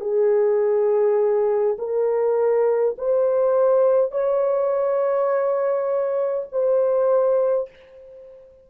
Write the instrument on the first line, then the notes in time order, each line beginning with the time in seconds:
horn
0.00 G#4
1.78 A#4
2.98 C5
4.11 C#5
6.52 C5